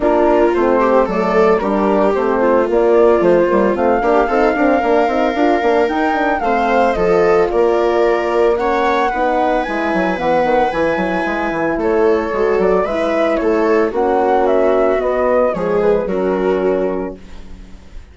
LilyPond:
<<
  \new Staff \with { instrumentName = "flute" } { \time 4/4 \tempo 4 = 112 ais'4 c''4 d''4 ais'4 | c''4 d''4 c''4 f''4~ | f''2. g''4 | f''4 dis''4 d''2 |
fis''2 gis''4 fis''4 | gis''2 cis''4. d''8 | e''4 cis''4 fis''4 e''4 | dis''4 cis''8 b'8 ais'2 | }
  \new Staff \with { instrumentName = "viola" } { \time 4/4 f'4. g'8 a'4 g'4~ | g'8 f'2. g'8 | a'8 ais'2.~ ais'8 | c''4 a'4 ais'2 |
cis''4 b'2.~ | b'2 a'2 | b'4 a'4 fis'2~ | fis'4 gis'4 fis'2 | }
  \new Staff \with { instrumentName = "horn" } { \time 4/4 d'4 c'4 a4 d'4 | c'4 ais4 a8 ais8 c'8 d'8 | dis'8 c'8 d'8 dis'8 f'8 d'8 dis'8 d'8 | c'4 f'2. |
cis'4 dis'4 e'4 b4 | e'2. fis'4 | e'2 cis'2 | b4 gis4 cis'2 | }
  \new Staff \with { instrumentName = "bassoon" } { \time 4/4 ais4 a4 fis4 g4 | a4 ais4 f8 g8 a8 ais8 | c'8 d'8 ais8 c'8 d'8 ais8 dis'4 | a4 f4 ais2~ |
ais4 b4 gis8 fis8 e8 dis8 | e8 fis8 gis8 e8 a4 gis8 fis8 | gis4 a4 ais2 | b4 f4 fis2 | }
>>